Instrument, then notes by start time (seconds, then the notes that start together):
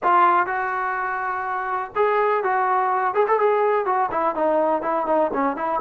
trombone
0.03 F4
0.46 F#4
1.95 G#4
2.43 F#4
3.14 G#4
3.27 A4
3.39 G#4
3.85 F#4
4.11 E4
4.35 D#4
4.82 E4
5.06 D#4
5.33 C#4
5.56 E4